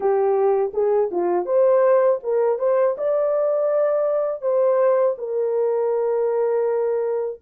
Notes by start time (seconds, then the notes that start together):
0.00 G4
0.73 G#4
1.11 F4
1.45 C5
2.23 A#4
2.59 C5
2.97 D5
4.41 C5
5.18 A#4